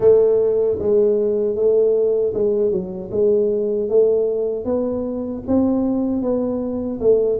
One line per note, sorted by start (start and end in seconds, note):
0.00 0.78 A3
0.79 1.55 G#3
1.55 2.33 A3
2.34 2.71 G#3
2.71 3.10 F#3
3.11 3.89 G#3
3.89 4.64 A3
4.64 5.42 B3
5.47 6.22 C4
6.22 7.00 B3
7.00 7.39 A3